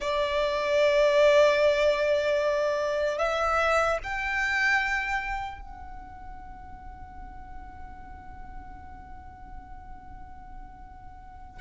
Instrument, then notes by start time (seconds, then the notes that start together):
violin
0.00 D5
3.18 E5
4.03 G5
5.61 F#5